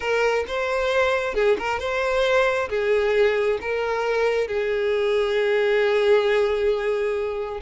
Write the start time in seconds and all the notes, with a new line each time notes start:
0.00 A#4
0.47 C5
1.34 G#4
1.58 A#4
1.79 C5
2.69 G#4
3.61 A#4
4.47 G#4